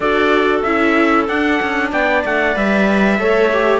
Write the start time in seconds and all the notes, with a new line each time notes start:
0.00 D4 F#4 A4 D5
0.62 C#4 E4 E5
1.28 D4 F#5
1.61 C#4
1.91 B3 D5 G5
2.24 A3 F#5
2.53 G3 B4 E5
3.19 A3 A4 C#5
3.52 G4